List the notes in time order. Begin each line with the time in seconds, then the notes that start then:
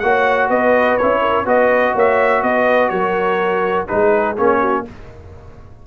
0.00 A#3 F#4 C#5 F#5
0.48 B3 B4 D#5
0.98 C#4 E4 C#5
1.21 A#4
1.46 B3 F#4 B4 D#5
1.94 A#3 C#5 E5
2.43 B3 B4 D#5
2.89 F#3 A#4 C#5
3.88 G#3 D#4 G#4 B4
4.37 A#3 C#4 C#5
4.60 F#4